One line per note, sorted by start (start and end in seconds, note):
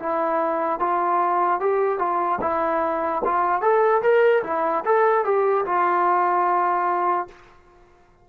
0.00 0.80 E4
0.80 1.60 F4
1.60 1.99 G4
1.99 2.39 F4
2.41 3.22 E4
3.25 3.62 F4
3.62 4.02 A4
4.02 4.43 A#4
4.44 4.84 E4
4.85 5.25 A4
5.25 5.65 G4
5.66 7.28 F4